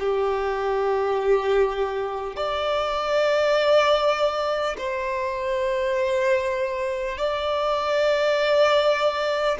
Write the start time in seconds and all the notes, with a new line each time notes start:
0.00 G4
2.37 D5
4.78 C5
7.18 D5